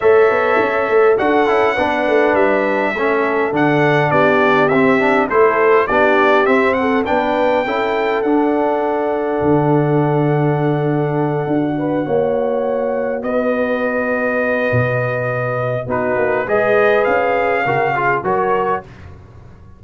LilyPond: <<
  \new Staff \with { instrumentName = "trumpet" } { \time 4/4 \tempo 4 = 102 e''2 fis''2 | e''2 fis''4 d''4 | e''4 c''4 d''4 e''8 fis''8 | g''2 fis''2~ |
fis''1~ | fis''2~ fis''8 dis''4.~ | dis''2. b'4 | dis''4 f''2 cis''4 | }
  \new Staff \with { instrumentName = "horn" } { \time 4/4 cis''2 a'4 b'4~ | b'4 a'2 g'4~ | g'4 a'4 g'4. a'8 | b'4 a'2.~ |
a'1 | b'8 cis''2 b'4.~ | b'2. fis'4 | b'2 ais'8 gis'8 ais'4 | }
  \new Staff \with { instrumentName = "trombone" } { \time 4/4 a'2 fis'8 e'8 d'4~ | d'4 cis'4 d'2 | c'8 d'8 e'4 d'4 c'4 | d'4 e'4 d'2~ |
d'2.~ d'8 fis'8~ | fis'1~ | fis'2. dis'4 | gis'2 fis'8 f'8 fis'4 | }
  \new Staff \with { instrumentName = "tuba" } { \time 4/4 a8 b8 cis'8 a8 d'8 cis'8 b8 a8 | g4 a4 d4 b4 | c'4 a4 b4 c'4 | b4 cis'4 d'2 |
d2.~ d8 d'8~ | d'8 ais2 b4.~ | b4 b,2 b8 ais8 | gis4 cis'4 cis4 fis4 | }
>>